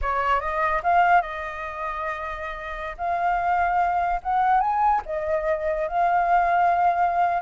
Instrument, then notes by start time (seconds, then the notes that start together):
flute
0.01 C#5
0.40 D#5
0.83 F5
1.21 D#5
2.97 F5
4.22 F#5
4.60 G#5
5.05 D#5
5.88 F5